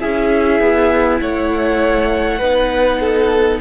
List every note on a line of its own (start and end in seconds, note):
0.00 0.60 C#4
0.00 2.40 E4
0.00 1.22 G#4
0.00 1.21 E5
0.60 1.20 B3
1.21 2.41 A3
1.21 2.39 C#5
1.21 3.61 F#5
2.39 3.61 B3
2.39 3.62 D#4
2.39 2.99 B4
3.00 3.60 A4